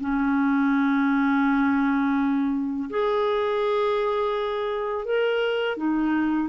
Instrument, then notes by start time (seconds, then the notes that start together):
clarinet
0.00 C#4
2.90 G#4
5.05 A#4
5.77 D#4